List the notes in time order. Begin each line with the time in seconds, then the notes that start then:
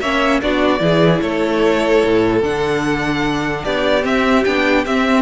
0.00 A#3 C#4 C#5 E5
0.41 B3 D4 F#4 D5
0.78 E3 E4 G#4
1.20 A3 A4 C#5
2.04 A2
2.42 D3 D4 F#5
3.63 B3 G4 D5
4.01 C4 E5
4.44 B3 D4 G5
4.85 C4 E5